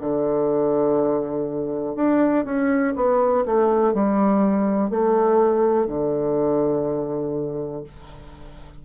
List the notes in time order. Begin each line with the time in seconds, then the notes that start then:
0.00 D3
1.95 D4
2.45 C#4
2.96 B3
3.45 A3
3.93 G3
4.90 A3
5.87 D3